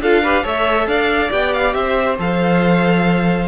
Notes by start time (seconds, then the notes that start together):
0.00 D4 F4 A4 F5
0.22 G4 B4
0.43 A3 A4 C#5 E5
0.86 D4 D5 F5
1.30 B3 G4 G5
1.53 F5
1.73 C4 C5 E5
2.18 F3 A4 F5